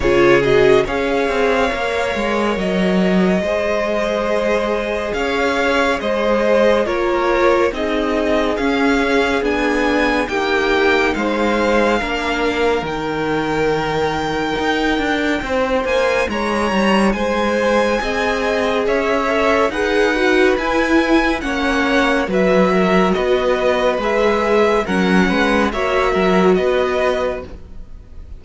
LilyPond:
<<
  \new Staff \with { instrumentName = "violin" } { \time 4/4 \tempo 4 = 70 cis''8 dis''8 f''2 dis''4~ | dis''2 f''4 dis''4 | cis''4 dis''4 f''4 gis''4 | g''4 f''2 g''4~ |
g''2~ g''8 gis''8 ais''4 | gis''2 e''4 fis''4 | gis''4 fis''4 e''4 dis''4 | e''4 fis''4 e''4 dis''4 | }
  \new Staff \with { instrumentName = "violin" } { \time 4/4 gis'4 cis''2. | c''2 cis''4 c''4 | ais'4 gis'2. | g'4 c''4 ais'2~ |
ais'2 c''4 cis''4 | c''4 dis''4 cis''4 b'4~ | b'4 cis''4 b'8 ais'8 b'4~ | b'4 ais'8 b'8 cis''8 ais'8 b'4 | }
  \new Staff \with { instrumentName = "viola" } { \time 4/4 f'8 fis'8 gis'4 ais'2 | gis'1 | f'4 dis'4 cis'4 d'4 | dis'2 d'4 dis'4~ |
dis'1~ | dis'4 gis'4. a'8 gis'8 fis'8 | e'4 cis'4 fis'2 | gis'4 cis'4 fis'2 | }
  \new Staff \with { instrumentName = "cello" } { \time 4/4 cis4 cis'8 c'8 ais8 gis8 fis4 | gis2 cis'4 gis4 | ais4 c'4 cis'4 b4 | ais4 gis4 ais4 dis4~ |
dis4 dis'8 d'8 c'8 ais8 gis8 g8 | gis4 c'4 cis'4 dis'4 | e'4 ais4 fis4 b4 | gis4 fis8 gis8 ais8 fis8 b4 | }
>>